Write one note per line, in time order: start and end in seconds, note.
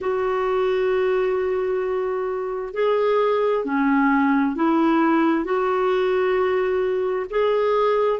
0.00 2.73 F#4
2.73 3.64 G#4
3.64 4.55 C#4
4.55 5.44 E4
5.44 7.26 F#4
7.30 8.20 G#4